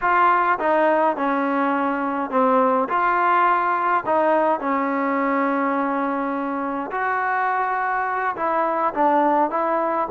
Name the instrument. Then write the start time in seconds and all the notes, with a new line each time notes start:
trombone
0.01 F4
0.59 D#4
1.16 C#4
2.30 C4
2.88 F4
4.05 D#4
4.60 C#4
6.91 F#4
8.35 E4
8.94 D4
9.50 E4